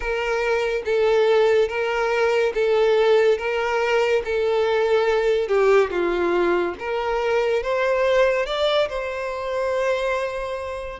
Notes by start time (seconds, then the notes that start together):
0.00 A#4
0.85 A4
1.68 A#4
2.54 A4
3.38 A#4
4.24 A4
5.47 G4
5.90 F4
6.79 A#4
7.62 C5
8.45 D5
8.88 C5